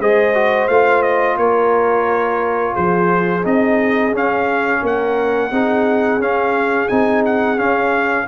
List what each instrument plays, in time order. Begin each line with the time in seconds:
0.00 tuba G#3, trombone G#4, horn C5, trumpet D#5
0.35 trombone F#4
0.68 tuba A3, trombone F4, trumpet F5
1.02 trumpet D#5
1.37 tuba A#3, horn A#4, trumpet C#5
2.73 tuba F3, horn G#4, trumpet C5
3.44 tuba C4, trombone D#4, trumpet D#5
4.12 tuba C#4, trombone C#4, trumpet F5
4.81 tuba A#3, horn A#4, trumpet F#5
5.51 tuba C4, trombone D#4, horn G#4
6.19 tuba C#4, trombone C#4, trumpet F5
6.89 tuba C4, trombone D#4, trumpet G#5
7.26 trumpet F#5
7.58 trombone C#4, tuba C#4, trumpet F5